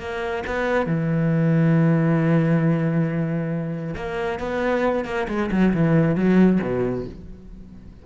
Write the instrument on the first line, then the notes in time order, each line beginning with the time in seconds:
cello
0.00 A#3
0.47 B3
0.87 E3
3.96 A#3
4.40 B3
5.06 A#3
5.29 G#3
5.52 F#3
5.74 E3
6.16 F#3
6.62 B2